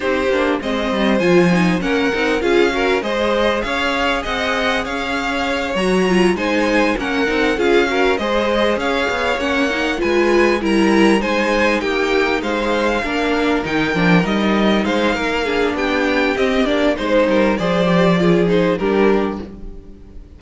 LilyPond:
<<
  \new Staff \with { instrumentName = "violin" } { \time 4/4 \tempo 4 = 99 c''4 dis''4 gis''4 fis''4 | f''4 dis''4 f''4 fis''4 | f''4. ais''4 gis''4 fis''8~ | fis''8 f''4 dis''4 f''4 fis''8~ |
fis''8 gis''4 ais''4 gis''4 g''8~ | g''8 f''2 g''4 dis''8~ | dis''8 f''4. g''4 dis''8 d''8 | c''4 d''4. c''8 ais'4 | }
  \new Staff \with { instrumentName = "violin" } { \time 4/4 g'4 c''2 ais'4 | gis'8 ais'8 c''4 cis''4 dis''4 | cis''2~ cis''8 c''4 ais'8~ | ais'8 gis'8 ais'8 c''4 cis''4.~ |
cis''8 b'4 ais'4 c''4 g'8~ | g'8 c''4 ais'2~ ais'8~ | ais'8 c''8 ais'8 gis'8 g'2 | c''8 ais'8 c''4 gis'4 g'4 | }
  \new Staff \with { instrumentName = "viola" } { \time 4/4 dis'8 d'8 c'4 f'8 dis'8 cis'8 dis'8 | f'8 fis'8 gis'2.~ | gis'4. fis'8 f'8 dis'4 cis'8 | dis'8 f'8 fis'8 gis'2 cis'8 |
dis'8 f'4 e'4 dis'4.~ | dis'4. d'4 dis'8 d'8 dis'8~ | dis'4. d'4. c'8 d'8 | dis'4 gis'8 g'8 f'8 dis'8 d'4 | }
  \new Staff \with { instrumentName = "cello" } { \time 4/4 c'8 ais8 gis8 g8 f4 ais8 c'8 | cis'4 gis4 cis'4 c'4 | cis'4. fis4 gis4 ais8 | c'8 cis'4 gis4 cis'8 b8 ais8~ |
ais8 gis4 g4 gis4 ais8~ | ais8 gis4 ais4 dis8 f8 g8~ | g8 gis8 ais4 b4 c'8 ais8 | gis8 g8 f2 g4 | }
>>